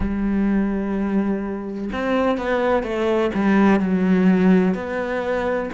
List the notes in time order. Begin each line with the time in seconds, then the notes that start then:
0.00 G3
1.92 C4
2.37 B3
2.83 A3
3.34 G3
3.80 F#3
4.74 B3